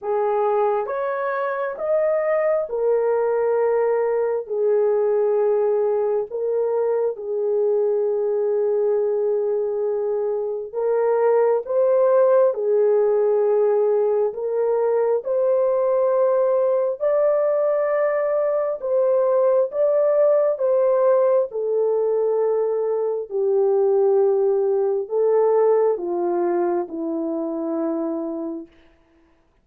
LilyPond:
\new Staff \with { instrumentName = "horn" } { \time 4/4 \tempo 4 = 67 gis'4 cis''4 dis''4 ais'4~ | ais'4 gis'2 ais'4 | gis'1 | ais'4 c''4 gis'2 |
ais'4 c''2 d''4~ | d''4 c''4 d''4 c''4 | a'2 g'2 | a'4 f'4 e'2 | }